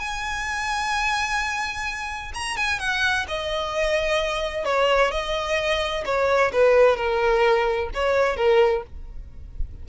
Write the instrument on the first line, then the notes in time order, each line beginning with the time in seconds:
violin
0.00 G#5
2.34 A#5
2.57 G#5
2.80 F#5
3.29 D#5
4.65 C#5
5.12 D#5
6.05 C#5
6.53 B4
6.97 A#4
7.94 C#5
8.37 A#4